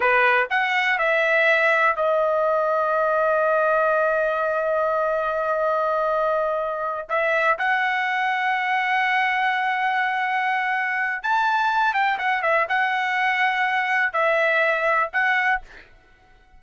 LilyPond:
\new Staff \with { instrumentName = "trumpet" } { \time 4/4 \tempo 4 = 123 b'4 fis''4 e''2 | dis''1~ | dis''1~ | dis''2~ dis''8 e''4 fis''8~ |
fis''1~ | fis''2. a''4~ | a''8 g''8 fis''8 e''8 fis''2~ | fis''4 e''2 fis''4 | }